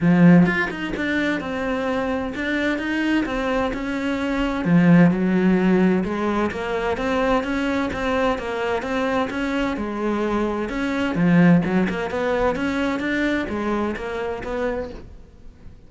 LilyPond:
\new Staff \with { instrumentName = "cello" } { \time 4/4 \tempo 4 = 129 f4 f'8 dis'8 d'4 c'4~ | c'4 d'4 dis'4 c'4 | cis'2 f4 fis4~ | fis4 gis4 ais4 c'4 |
cis'4 c'4 ais4 c'4 | cis'4 gis2 cis'4 | f4 fis8 ais8 b4 cis'4 | d'4 gis4 ais4 b4 | }